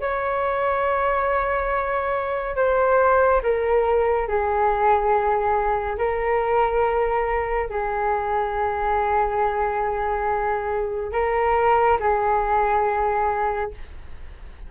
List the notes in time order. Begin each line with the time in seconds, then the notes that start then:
0.00 C#5
2.56 C5
3.42 A#4
4.28 G#4
5.98 A#4
7.69 G#4
11.12 A#4
12.00 G#4